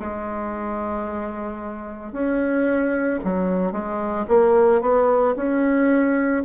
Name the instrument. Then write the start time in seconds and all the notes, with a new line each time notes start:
bassoon
0.00 G#3
2.13 C#4
3.24 F#3
3.73 G#3
4.29 A#3
4.82 B3
5.37 C#4